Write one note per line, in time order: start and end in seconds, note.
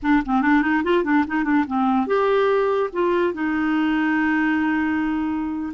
0.02 0.23 D4
0.25 0.41 C4
0.41 0.62 D4
0.62 0.82 D#4
0.83 1.04 F4
1.04 1.25 D4
1.27 1.43 D#4
1.43 1.64 D4
1.67 2.06 C4
2.06 2.90 G4
2.92 3.33 F4
3.33 5.73 D#4